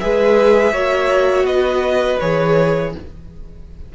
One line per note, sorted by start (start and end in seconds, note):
0.00 0.73 G#3
0.00 0.73 G#4
0.00 0.73 B4
0.00 1.46 E5
0.73 1.44 A#3
0.73 2.20 F#4
0.73 1.46 C#5
1.44 2.17 B3
1.44 2.93 B4
1.44 2.19 D#5
2.20 2.95 E3
2.20 2.95 G#4
2.20 2.93 C#5